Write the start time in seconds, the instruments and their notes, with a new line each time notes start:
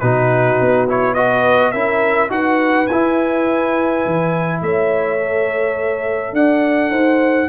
0.00 tuba B2, trombone D#4, horn F#4, trumpet B4
0.61 tuba B3
0.88 trombone E4, trumpet C#5
1.14 trombone F#4, horn B4, trumpet D#5
1.72 tuba C#4, trombone E4, horn A#4, trumpet E5
2.30 tuba D#4, trombone F#4, horn B4, trumpet F#5
2.87 tuba E4, trombone E4, trumpet G#5
4.06 tuba E3
4.62 tuba A3, horn C#5, trumpet E5
5.19 trombone A4
6.33 tuba D4, horn D5, trumpet F#5
6.91 tuba D#4, horn C5